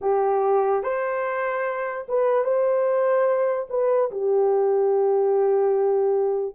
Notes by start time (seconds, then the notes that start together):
0.01 G4
0.83 C5
2.08 B4
2.44 C5
3.69 B4
4.11 G4